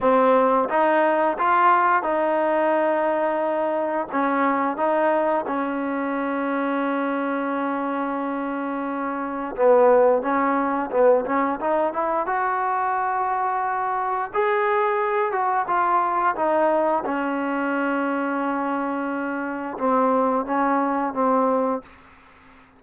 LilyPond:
\new Staff \with { instrumentName = "trombone" } { \time 4/4 \tempo 4 = 88 c'4 dis'4 f'4 dis'4~ | dis'2 cis'4 dis'4 | cis'1~ | cis'2 b4 cis'4 |
b8 cis'8 dis'8 e'8 fis'2~ | fis'4 gis'4. fis'8 f'4 | dis'4 cis'2.~ | cis'4 c'4 cis'4 c'4 | }